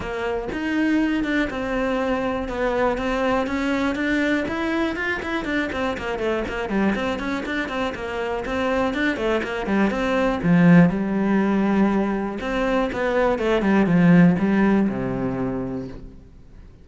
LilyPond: \new Staff \with { instrumentName = "cello" } { \time 4/4 \tempo 4 = 121 ais4 dis'4. d'8 c'4~ | c'4 b4 c'4 cis'4 | d'4 e'4 f'8 e'8 d'8 c'8 | ais8 a8 ais8 g8 c'8 cis'8 d'8 c'8 |
ais4 c'4 d'8 a8 ais8 g8 | c'4 f4 g2~ | g4 c'4 b4 a8 g8 | f4 g4 c2 | }